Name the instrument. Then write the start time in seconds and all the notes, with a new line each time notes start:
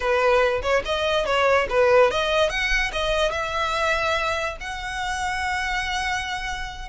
violin
0.00 B4
0.62 C#5
0.85 D#5
1.25 C#5
1.69 B4
2.10 D#5
2.49 F#5
2.92 D#5
3.31 E5
4.60 F#5